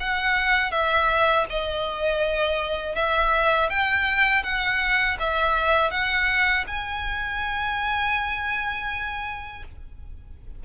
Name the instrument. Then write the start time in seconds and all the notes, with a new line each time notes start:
violin
0.00 F#5
0.71 E5
1.50 D#5
2.96 E5
3.70 G5
4.43 F#5
5.20 E5
5.91 F#5
6.67 G#5